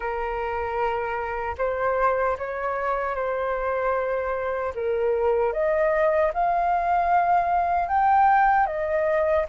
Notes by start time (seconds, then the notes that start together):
0.00 A#4
1.58 C5
2.38 C#5
3.15 C5
4.74 A#4
5.53 D#5
6.33 F5
7.88 G5
8.66 D#5